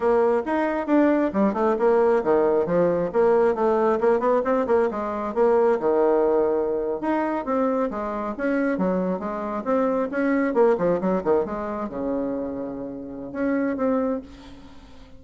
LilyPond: \new Staff \with { instrumentName = "bassoon" } { \time 4/4 \tempo 4 = 135 ais4 dis'4 d'4 g8 a8 | ais4 dis4 f4 ais4 | a4 ais8 b8 c'8 ais8 gis4 | ais4 dis2~ dis8. dis'16~ |
dis'8. c'4 gis4 cis'4 fis16~ | fis8. gis4 c'4 cis'4 ais16~ | ais16 f8 fis8 dis8 gis4 cis4~ cis16~ | cis2 cis'4 c'4 | }